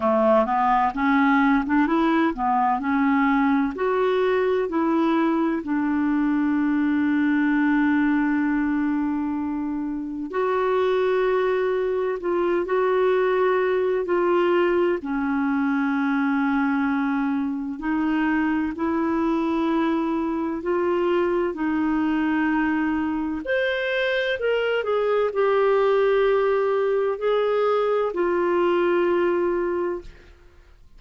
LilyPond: \new Staff \with { instrumentName = "clarinet" } { \time 4/4 \tempo 4 = 64 a8 b8 cis'8. d'16 e'8 b8 cis'4 | fis'4 e'4 d'2~ | d'2. fis'4~ | fis'4 f'8 fis'4. f'4 |
cis'2. dis'4 | e'2 f'4 dis'4~ | dis'4 c''4 ais'8 gis'8 g'4~ | g'4 gis'4 f'2 | }